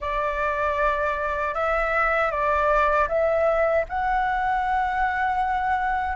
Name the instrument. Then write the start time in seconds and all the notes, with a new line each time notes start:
flute
0.00 D5
1.54 E5
2.31 D5
3.08 E5
3.88 F#5